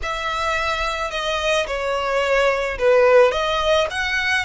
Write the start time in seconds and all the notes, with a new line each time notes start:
0.02 E5
1.11 D#5
1.67 C#5
2.78 B4
3.31 D#5
3.90 F#5